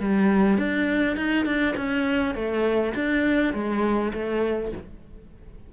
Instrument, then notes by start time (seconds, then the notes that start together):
cello
0.00 G3
0.57 D4
1.16 D#4
1.46 D4
1.76 C#4
2.35 A3
2.95 D4
3.53 G#3
4.13 A3